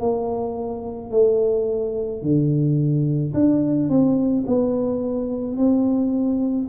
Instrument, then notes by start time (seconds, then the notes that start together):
tuba
0.00 A#3
1.11 A3
2.22 D3
3.33 D4
3.89 C4
4.46 B3
5.57 C4